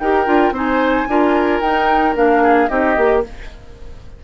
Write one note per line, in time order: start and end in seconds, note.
0.00 0.27 D#4
0.00 0.26 G4
0.00 0.54 A#4
0.00 0.54 G5
0.26 0.51 D4
0.26 0.53 F4
0.51 1.06 C4
0.51 1.08 D#4
0.51 1.08 C5
0.51 1.61 G#5
1.09 1.61 D4
1.09 1.63 F4
1.09 2.43 A#4
1.61 2.15 D#4
1.61 2.15 G5
2.15 2.69 A#3
2.15 2.69 D4
2.15 2.69 F5
2.43 2.70 G#4
2.69 2.97 C4
2.69 2.96 D#4
2.69 3.24 G4
2.69 3.23 D#5
2.97 3.24 A#3
2.97 3.24 G4